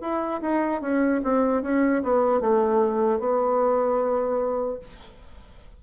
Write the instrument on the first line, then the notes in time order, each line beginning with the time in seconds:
bassoon
0.00 E4
0.41 D#4
0.81 C#4
1.23 C4
1.62 C#4
2.03 B3
2.40 A3
3.19 B3